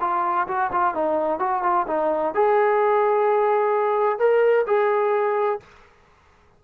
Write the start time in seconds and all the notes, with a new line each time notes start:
0.00 F4
0.47 F#4
0.72 F4
0.94 D#4
1.39 F#4
1.63 F4
1.87 D#4
2.34 G#4
4.18 A#4
4.66 G#4